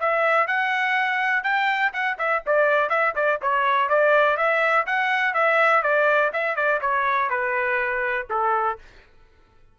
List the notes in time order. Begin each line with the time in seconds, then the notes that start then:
0.00 E5
0.47 F#5
1.43 G5
1.93 F#5
2.18 E5
2.46 D5
2.90 E5
3.16 D5
3.42 C#5
3.89 D5
4.37 E5
4.86 F#5
5.34 E5
5.83 D5
6.33 E5
6.56 D5
6.81 C#5
7.30 B4
8.30 A4